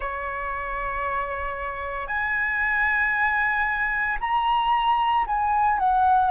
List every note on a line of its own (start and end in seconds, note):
0.00 2.07 C#5
2.07 4.17 G#5
4.20 5.25 A#5
5.26 5.78 G#5
5.78 6.31 F#5